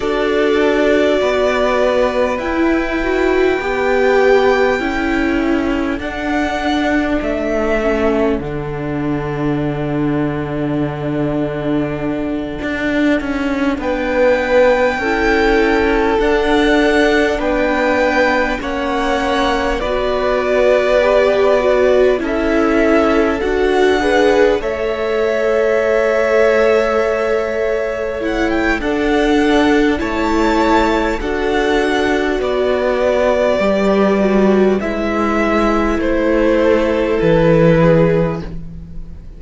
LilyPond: <<
  \new Staff \with { instrumentName = "violin" } { \time 4/4 \tempo 4 = 50 d''2 g''2~ | g''4 fis''4 e''4 fis''4~ | fis''2.~ fis''8 g''8~ | g''4. fis''4 g''4 fis''8~ |
fis''8 d''2 e''4 fis''8~ | fis''8 e''2. fis''16 g''16 | fis''4 a''4 fis''4 d''4~ | d''4 e''4 c''4 b'4 | }
  \new Staff \with { instrumentName = "violin" } { \time 4/4 a'4 b'2. | a'1~ | a'2.~ a'8 b'8~ | b'8 a'2 b'4 cis''8~ |
cis''8 b'2 a'4. | b'8 cis''2.~ cis''8 | a'4 cis''4 a'4 b'4~ | b'2~ b'8 a'4 gis'8 | }
  \new Staff \with { instrumentName = "viola" } { \time 4/4 fis'2 e'8 fis'8 g'4 | e'4 d'4. cis'8 d'4~ | d'1~ | d'8 e'4 d'2 cis'8~ |
cis'8 fis'4 g'8 fis'8 e'4 fis'8 | gis'8 a'2. e'8 | d'4 e'4 fis'2 | g'8 fis'8 e'2. | }
  \new Staff \with { instrumentName = "cello" } { \time 4/4 d'4 b4 e'4 b4 | cis'4 d'4 a4 d4~ | d2~ d8 d'8 cis'8 b8~ | b8 cis'4 d'4 b4 ais8~ |
ais8 b2 cis'4 d'8~ | d'8 a2.~ a8 | d'4 a4 d'4 b4 | g4 gis4 a4 e4 | }
>>